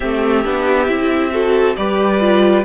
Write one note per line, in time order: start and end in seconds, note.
0.00 0.44 A3
0.00 0.44 C4
0.00 1.31 G4
0.00 1.76 E5
0.44 0.88 B3
0.44 0.87 D4
0.87 1.76 C4
0.87 1.31 E4
1.31 1.75 F#4
1.31 1.76 A4
1.76 2.64 G3
1.76 2.20 G4
1.76 2.64 B4
1.76 2.64 D5
2.20 2.64 F4